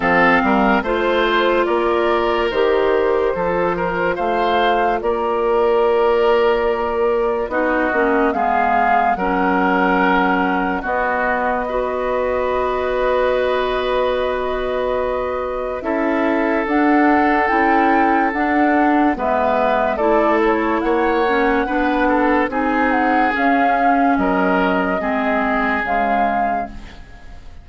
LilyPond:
<<
  \new Staff \with { instrumentName = "flute" } { \time 4/4 \tempo 4 = 72 f''4 c''4 d''4 c''4~ | c''4 f''4 d''2~ | d''4 dis''4 f''4 fis''4~ | fis''4 dis''2.~ |
dis''2. e''4 | fis''4 g''4 fis''4 e''4 | d''8 cis''8 fis''2 gis''8 fis''8 | f''4 dis''2 f''4 | }
  \new Staff \with { instrumentName = "oboe" } { \time 4/4 a'8 ais'8 c''4 ais'2 | a'8 ais'8 c''4 ais'2~ | ais'4 fis'4 gis'4 ais'4~ | ais'4 fis'4 b'2~ |
b'2. a'4~ | a'2. b'4 | a'4 cis''4 b'8 a'8 gis'4~ | gis'4 ais'4 gis'2 | }
  \new Staff \with { instrumentName = "clarinet" } { \time 4/4 c'4 f'2 g'4 | f'1~ | f'4 dis'8 cis'8 b4 cis'4~ | cis'4 b4 fis'2~ |
fis'2. e'4 | d'4 e'4 d'4 b4 | e'4. cis'8 d'4 dis'4 | cis'2 c'4 gis4 | }
  \new Staff \with { instrumentName = "bassoon" } { \time 4/4 f8 g8 a4 ais4 dis4 | f4 a4 ais2~ | ais4 b8 ais8 gis4 fis4~ | fis4 b2.~ |
b2. cis'4 | d'4 cis'4 d'4 gis4 | a4 ais4 b4 c'4 | cis'4 fis4 gis4 cis4 | }
>>